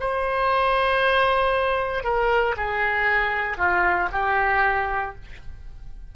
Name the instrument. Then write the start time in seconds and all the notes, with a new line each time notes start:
oboe
0.00 C5
2.04 A#4
2.57 G#4
3.57 F4
4.12 G4